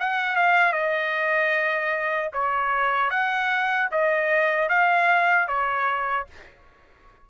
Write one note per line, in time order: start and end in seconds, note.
0.00 0.36 F#5
0.36 0.72 F5
0.72 2.30 D#5
2.33 3.10 C#5
3.10 3.89 F#5
3.91 4.69 D#5
4.69 5.48 F5
5.48 6.27 C#5